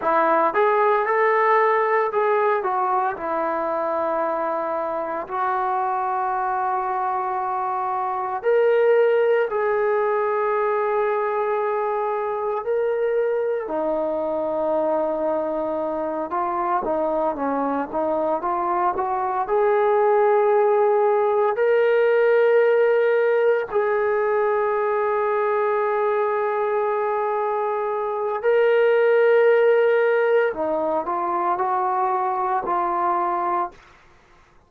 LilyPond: \new Staff \with { instrumentName = "trombone" } { \time 4/4 \tempo 4 = 57 e'8 gis'8 a'4 gis'8 fis'8 e'4~ | e'4 fis'2. | ais'4 gis'2. | ais'4 dis'2~ dis'8 f'8 |
dis'8 cis'8 dis'8 f'8 fis'8 gis'4.~ | gis'8 ais'2 gis'4.~ | gis'2. ais'4~ | ais'4 dis'8 f'8 fis'4 f'4 | }